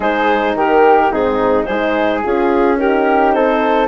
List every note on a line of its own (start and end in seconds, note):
0.00 0.55 G#3
0.00 1.09 D#4
0.00 0.53 G#4
0.00 0.57 C5
0.55 1.10 D#3
0.55 1.11 G4
0.55 1.12 A#4
1.10 1.67 G#2
1.10 1.66 C4
1.10 1.66 D#4
1.10 1.64 G#4
1.64 2.23 G#3
1.64 2.22 D#4
1.64 2.77 G#4
1.64 2.19 C5
2.22 3.35 C#4
2.22 2.76 F4
2.22 2.78 G#4
2.76 3.87 D#4
2.76 3.35 G4
2.76 3.32 A#4
3.32 3.87 C4
3.32 3.87 A4
3.32 3.87 C5